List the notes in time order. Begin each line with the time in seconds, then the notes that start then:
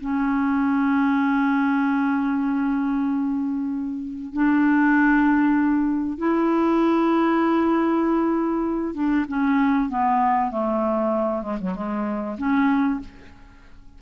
0.00 C#4
4.33 D4
6.18 E4
8.94 D4
9.28 C#4
9.89 B3
10.51 A3
11.42 G#3
11.60 F#3
11.75 G#3
12.38 C#4